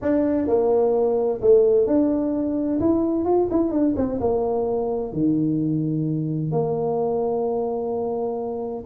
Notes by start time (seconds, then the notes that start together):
0.01 D4
0.47 A#3
1.41 A3
1.86 D4
2.79 E4
3.25 F4
3.51 E4
3.71 D4
3.96 C4
4.20 A#3
5.12 D#3
6.51 A#3